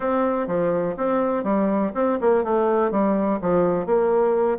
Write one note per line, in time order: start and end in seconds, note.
0.00 0.47 C4
0.47 0.95 F3
0.97 1.43 C4
1.43 1.92 G3
1.94 2.18 C4
2.20 2.44 A#3
2.44 2.91 A3
2.91 3.39 G3
3.41 3.86 F3
3.86 4.58 A#3